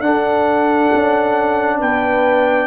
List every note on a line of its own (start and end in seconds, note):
0.00 0.90 D4
0.00 2.67 D4
0.00 1.79 A4
0.00 1.80 F#5
0.93 1.81 C#4
1.79 2.67 B3
1.79 2.67 B4
1.79 2.67 G5